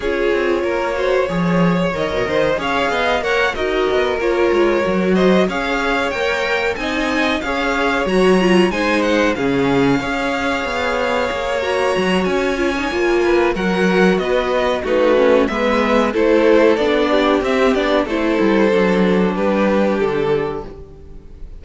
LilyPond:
<<
  \new Staff \with { instrumentName = "violin" } { \time 4/4 \tempo 4 = 93 cis''2. dis''4 | f''4 fis''8 dis''4 cis''4. | dis''8 f''4 g''4 gis''4 f''8~ | f''8 ais''4 gis''8 fis''8 f''4.~ |
f''2 ais''4 gis''4~ | gis''4 fis''4 dis''4 b'4 | e''4 c''4 d''4 e''8 d''8 | c''2 b'4 a'4 | }
  \new Staff \with { instrumentName = "violin" } { \time 4/4 gis'4 ais'8 c''8 cis''4. c''8 | cis''8 dis''8 cis''8 ais'2~ ais'8 | c''8 cis''2 dis''4 cis''8~ | cis''4. c''4 gis'4 cis''8~ |
cis''1~ | cis''8 b'8 ais'4 b'4 fis'4 | b'4 a'4. g'4. | a'2 g'2 | }
  \new Staff \with { instrumentName = "viola" } { \time 4/4 f'4. fis'8 gis'4 ais'4 | gis'4 ais'8 fis'4 f'4 fis'8~ | fis'8 gis'4 ais'4 dis'4 gis'8~ | gis'8 fis'8 f'8 dis'4 cis'4 gis'8~ |
gis'2 fis'4. f'16 dis'16 | f'4 fis'2 dis'8 cis'8 | b4 e'4 d'4 c'8 d'8 | e'4 d'2. | }
  \new Staff \with { instrumentName = "cello" } { \time 4/4 cis'8 c'8 ais4 f4 dis16 b,16 dis8 | cis'8 b8 ais8 dis'8 b8 ais8 gis8 fis8~ | fis8 cis'4 ais4 c'4 cis'8~ | cis'8 fis4 gis4 cis4 cis'8~ |
cis'8 b4 ais4 fis8 cis'4 | ais4 fis4 b4 a4 | gis4 a4 b4 c'8 b8 | a8 g8 fis4 g4 d4 | }
>>